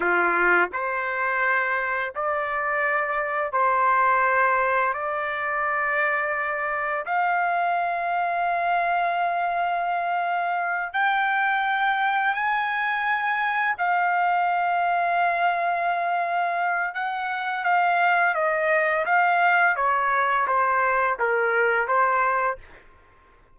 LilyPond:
\new Staff \with { instrumentName = "trumpet" } { \time 4/4 \tempo 4 = 85 f'4 c''2 d''4~ | d''4 c''2 d''4~ | d''2 f''2~ | f''2.~ f''8 g''8~ |
g''4. gis''2 f''8~ | f''1 | fis''4 f''4 dis''4 f''4 | cis''4 c''4 ais'4 c''4 | }